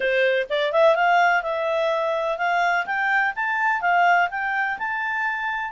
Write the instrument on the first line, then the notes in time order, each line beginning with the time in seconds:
clarinet
0.00 C5
0.49 D5
0.72 E5
0.95 F5
1.42 E5
2.37 F5
2.86 G5
3.35 A5
3.81 F5
4.30 G5
4.78 A5